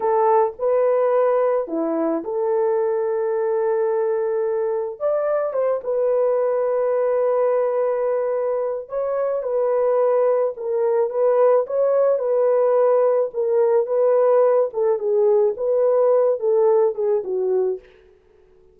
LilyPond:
\new Staff \with { instrumentName = "horn" } { \time 4/4 \tempo 4 = 108 a'4 b'2 e'4 | a'1~ | a'4 d''4 c''8 b'4.~ | b'1 |
cis''4 b'2 ais'4 | b'4 cis''4 b'2 | ais'4 b'4. a'8 gis'4 | b'4. a'4 gis'8 fis'4 | }